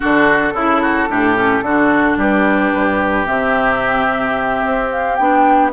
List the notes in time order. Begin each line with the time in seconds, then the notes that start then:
0.00 D3 D4 F#4 A4
0.53 C#3 E4
0.81 F#4
1.08 A2 D4 G4
1.35 C#4
1.61 D3 D4 F#4
2.16 G3 G4 B4
2.74 G2
3.25 C3 C4 E5
4.64 C4
4.91 F5
5.15 B3 D4 G5